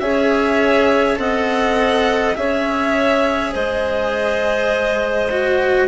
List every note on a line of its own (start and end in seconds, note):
0.00 1.18 C#4
0.00 1.16 G#4
0.00 1.19 C#5
0.00 1.18 E5
1.16 2.35 C4
1.16 2.34 A4
1.16 2.37 D#5
1.16 2.36 F#5
2.35 3.54 C#4
2.35 5.29 G#4
2.35 3.53 C#5
2.35 3.54 E5
3.53 5.88 G#3
3.53 5.88 C5
3.53 5.88 D#5
5.31 5.88 F#4